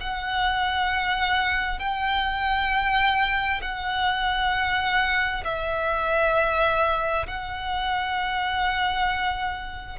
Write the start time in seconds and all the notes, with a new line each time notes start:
0.00 F#5
1.79 G5
3.61 F#5
5.44 E5
7.26 F#5